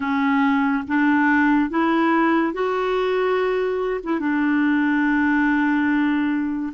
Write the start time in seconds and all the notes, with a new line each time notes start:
0.00 C#4
0.87 D4
1.69 E4
2.53 F#4
4.03 E4
4.19 D4